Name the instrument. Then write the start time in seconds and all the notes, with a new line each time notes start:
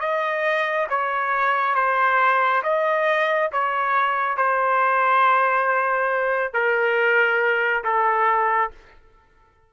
trumpet
0.00 D#5
0.89 C#5
1.75 C5
2.63 D#5
3.52 C#5
4.37 C5
6.53 A#4
7.84 A4